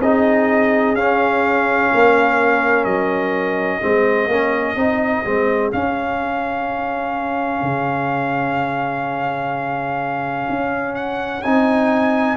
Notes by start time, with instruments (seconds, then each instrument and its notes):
0.00 tuba C4, trombone D#4, horn G#4, trumpet D#5
0.95 tuba C#4, trombone C#4, trumpet F5
1.92 tuba A#3, horn A#4
2.84 tuba F#3, trumpet D#5
3.80 tuba G#3, trombone C4, horn G#4
4.27 tuba A#3, trombone C#4
4.76 tuba C4, trombone D#4
5.24 tuba G#3, trombone C4
5.72 trombone C#4, tuba C#4, trumpet F5
7.62 tuba C#3
10.49 tuba C#4
10.95 trumpet F#5
11.42 tuba C4, trombone D#4, trumpet G#5